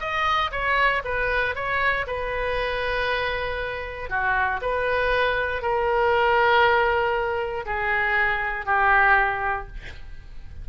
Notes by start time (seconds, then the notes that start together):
0.00 D#5
0.52 C#5
1.04 B4
1.55 C#5
2.07 B4
4.09 F#4
4.62 B4
5.62 A#4
7.65 G#4
8.66 G4